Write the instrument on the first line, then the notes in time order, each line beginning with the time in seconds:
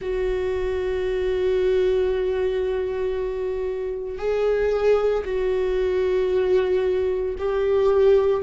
viola
0.01 F#4
4.18 G#4
5.24 F#4
7.38 G4